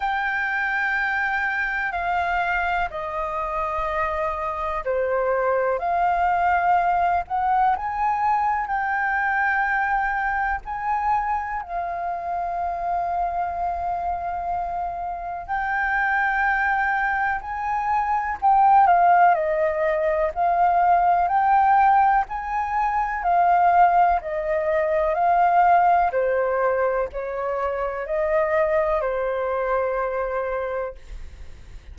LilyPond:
\new Staff \with { instrumentName = "flute" } { \time 4/4 \tempo 4 = 62 g''2 f''4 dis''4~ | dis''4 c''4 f''4. fis''8 | gis''4 g''2 gis''4 | f''1 |
g''2 gis''4 g''8 f''8 | dis''4 f''4 g''4 gis''4 | f''4 dis''4 f''4 c''4 | cis''4 dis''4 c''2 | }